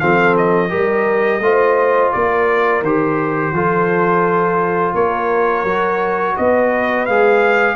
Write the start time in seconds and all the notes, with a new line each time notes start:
0.00 F3 C4 A4 F5
0.37 D#5
0.70 G3 G4 A#4
1.40 A3 F4 C5
2.12 A#3 A#4 D5
2.82 D#3 G4 C5
3.53 F3 F4 A4
4.94 A#3 A#4 C#5
5.64 F#3 F#4
6.37 B3 B4 D#5
7.06 G#3 G#4 F5